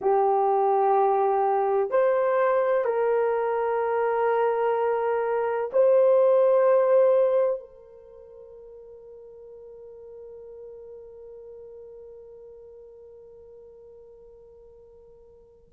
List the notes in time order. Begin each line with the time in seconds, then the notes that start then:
0.01 G4
1.90 C5
2.84 A#4
5.72 C5
7.60 A#4